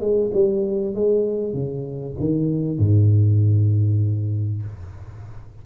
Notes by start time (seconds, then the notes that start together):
0.00 G#3
0.33 G3
0.94 G#3
1.53 C#3
2.19 D#3
2.78 G#2